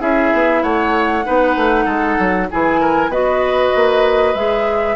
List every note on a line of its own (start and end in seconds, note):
0.00 0.32 C#4
0.00 1.24 E4
0.00 0.63 G#4
0.00 0.63 E5
0.34 0.63 B3
0.63 1.25 A3
0.63 1.25 C#5
0.63 2.49 F#5
1.25 1.57 B3
1.25 2.48 D#4
1.25 1.85 B4
1.57 1.86 A3
1.85 2.17 G#3
1.85 2.47 A4
2.19 2.50 F#3
2.51 3.09 E3
2.51 3.12 E4
2.51 2.81 G#4
2.51 3.12 G#5
2.81 3.11 A#4
3.09 3.70 B3
3.09 4.36 F#4
3.09 4.96 B4
3.09 4.35 D#5
3.76 4.35 A#3
4.35 4.96 G#3
4.35 4.96 G#4
4.35 4.96 E5